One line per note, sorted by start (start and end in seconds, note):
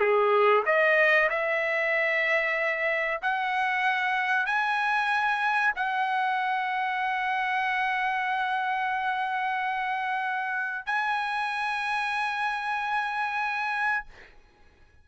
0.00 0.64 G#4
0.66 1.29 D#5
1.30 3.21 E5
3.22 4.47 F#5
4.47 5.74 G#5
5.76 10.86 F#5
10.86 14.05 G#5